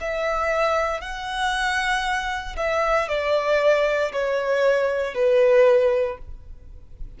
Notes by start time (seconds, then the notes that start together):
0.00 E5
1.00 F#5
2.56 E5
3.08 D5
4.12 C#5
5.14 B4